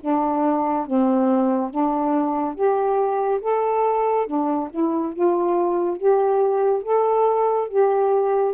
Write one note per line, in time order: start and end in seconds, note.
0.00 0.86 D4
0.86 1.70 C4
1.70 2.54 D4
2.54 3.40 G4
3.41 4.26 A4
4.26 4.69 D4
4.70 5.13 E4
5.13 5.96 F4
5.96 6.82 G4
6.83 7.68 A4
7.68 8.54 G4